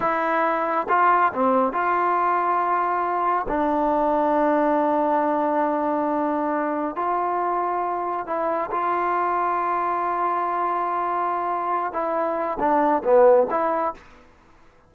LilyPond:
\new Staff \with { instrumentName = "trombone" } { \time 4/4 \tempo 4 = 138 e'2 f'4 c'4 | f'1 | d'1~ | d'1 |
f'2. e'4 | f'1~ | f'2.~ f'8 e'8~ | e'4 d'4 b4 e'4 | }